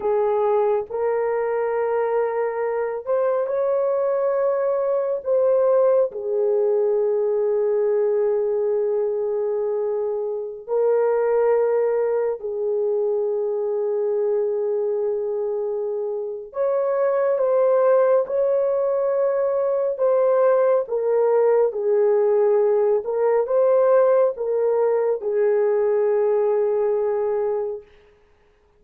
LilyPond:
\new Staff \with { instrumentName = "horn" } { \time 4/4 \tempo 4 = 69 gis'4 ais'2~ ais'8 c''8 | cis''2 c''4 gis'4~ | gis'1~ | gis'16 ais'2 gis'4.~ gis'16~ |
gis'2. cis''4 | c''4 cis''2 c''4 | ais'4 gis'4. ais'8 c''4 | ais'4 gis'2. | }